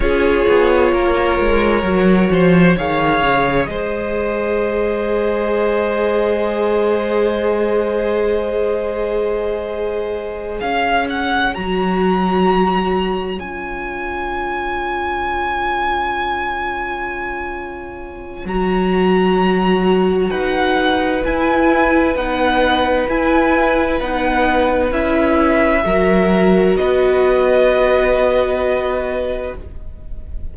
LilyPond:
<<
  \new Staff \with { instrumentName = "violin" } { \time 4/4 \tempo 4 = 65 cis''2. f''4 | dis''1~ | dis''2.~ dis''8 f''8 | fis''8 ais''2 gis''4.~ |
gis''1 | ais''2 fis''4 gis''4 | fis''4 gis''4 fis''4 e''4~ | e''4 dis''2. | }
  \new Staff \with { instrumentName = "violin" } { \time 4/4 gis'4 ais'4. c''8 cis''4 | c''1~ | c''2.~ c''8 cis''8~ | cis''1~ |
cis''1~ | cis''2 b'2~ | b'1 | ais'4 b'2. | }
  \new Staff \with { instrumentName = "viola" } { \time 4/4 f'2 fis'4 gis'4~ | gis'1~ | gis'1~ | gis'8 fis'2 f'4.~ |
f'1 | fis'2. e'4 | dis'4 e'4 dis'4 e'4 | fis'1 | }
  \new Staff \with { instrumentName = "cello" } { \time 4/4 cis'8 b8 ais8 gis8 fis8 f8 dis8 cis8 | gis1~ | gis2.~ gis8 cis'8~ | cis'8 fis2 cis'4.~ |
cis'1 | fis2 dis'4 e'4 | b4 e'4 b4 cis'4 | fis4 b2. | }
>>